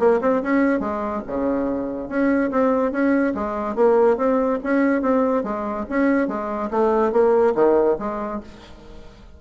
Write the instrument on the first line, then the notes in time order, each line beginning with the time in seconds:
bassoon
0.00 A#3
0.22 C4
0.43 C#4
0.80 G#3
1.27 C#3
2.09 C#4
2.51 C4
2.92 C#4
3.35 G#3
3.76 A#3
4.18 C4
4.64 C#4
5.02 C4
5.44 G#3
5.90 C#4
6.28 G#3
6.71 A3
7.13 A#3
7.55 D#3
7.99 G#3